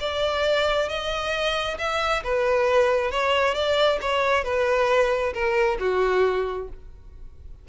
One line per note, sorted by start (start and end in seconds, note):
0.00 0.89 D5
0.89 1.78 D#5
1.78 2.23 E5
2.23 3.11 B4
3.11 3.54 C#5
3.54 3.99 D5
4.01 4.44 C#5
4.44 5.33 B4
5.34 5.78 A#4
5.80 6.69 F#4